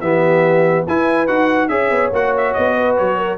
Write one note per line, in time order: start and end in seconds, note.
0.00 0.85 E3
0.00 0.87 B3
0.00 0.85 G4
0.00 0.85 E5
0.85 1.28 E4
0.85 1.69 B4
0.85 1.27 G#5
1.27 1.69 D#4
1.27 1.69 F#4
1.27 1.68 F#5
1.68 1.90 C#4
1.68 2.11 G#4
1.68 2.76 C#5
1.68 2.10 E5
1.90 2.11 B3
2.12 2.54 A#3
2.12 3.37 F#4
2.12 2.35 F#5
2.37 2.53 E5
2.53 2.99 B3
2.53 2.95 D#5
2.76 3.17 B4
2.97 3.37 F#3
2.97 3.37 C#5
3.17 3.37 A#4